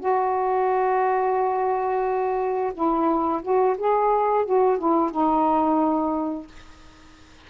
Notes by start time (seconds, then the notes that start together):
0.00 F#4
2.74 E4
3.42 F#4
3.78 G#4
4.46 F#4
4.79 E4
5.11 D#4